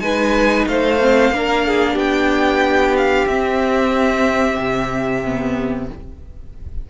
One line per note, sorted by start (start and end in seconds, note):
0.00 0.66 G#3
0.00 0.99 D#4
0.00 0.68 B4
0.00 0.65 G#5
0.67 1.31 A3
0.67 1.35 C5
0.67 1.98 F5
1.01 1.34 C4
1.31 1.96 A#3
1.31 3.29 D4
1.31 1.67 A#4
1.67 1.94 G#4
1.94 3.26 B3
1.94 5.85 G4
1.94 2.97 G5
2.97 3.28 F5
3.27 4.58 C4
3.27 5.25 C4
3.27 5.89 E5
4.59 5.89 C3
5.25 5.91 B3